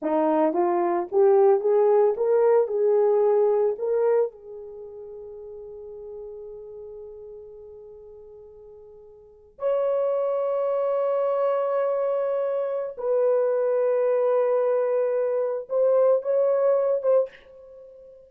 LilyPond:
\new Staff \with { instrumentName = "horn" } { \time 4/4 \tempo 4 = 111 dis'4 f'4 g'4 gis'4 | ais'4 gis'2 ais'4 | gis'1~ | gis'1~ |
gis'4.~ gis'16 cis''2~ cis''16~ | cis''1 | b'1~ | b'4 c''4 cis''4. c''8 | }